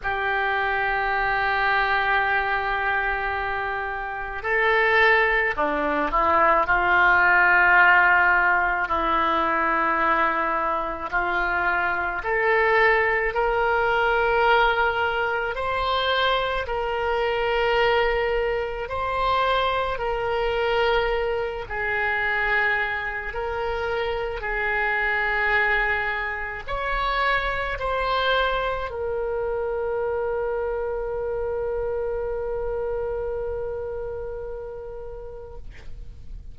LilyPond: \new Staff \with { instrumentName = "oboe" } { \time 4/4 \tempo 4 = 54 g'1 | a'4 d'8 e'8 f'2 | e'2 f'4 a'4 | ais'2 c''4 ais'4~ |
ais'4 c''4 ais'4. gis'8~ | gis'4 ais'4 gis'2 | cis''4 c''4 ais'2~ | ais'1 | }